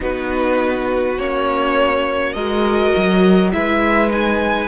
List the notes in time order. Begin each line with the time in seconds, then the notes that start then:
0.00 B3 D#4 F#4 B4
1.17 A#3 C#4 C#5
2.33 G#3 F#4 A#4 D#5
2.96 F#3
3.52 G#3 E4 B4 E5
4.10 D#4 G#5